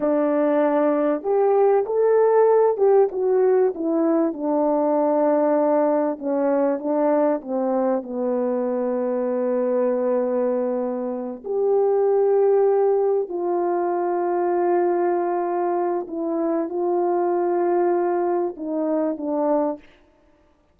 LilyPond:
\new Staff \with { instrumentName = "horn" } { \time 4/4 \tempo 4 = 97 d'2 g'4 a'4~ | a'8 g'8 fis'4 e'4 d'4~ | d'2 cis'4 d'4 | c'4 b2.~ |
b2~ b8 g'4.~ | g'4. f'2~ f'8~ | f'2 e'4 f'4~ | f'2 dis'4 d'4 | }